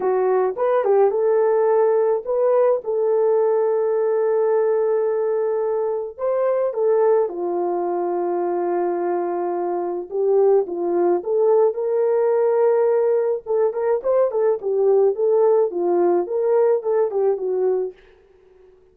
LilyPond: \new Staff \with { instrumentName = "horn" } { \time 4/4 \tempo 4 = 107 fis'4 b'8 g'8 a'2 | b'4 a'2.~ | a'2. c''4 | a'4 f'2.~ |
f'2 g'4 f'4 | a'4 ais'2. | a'8 ais'8 c''8 a'8 g'4 a'4 | f'4 ais'4 a'8 g'8 fis'4 | }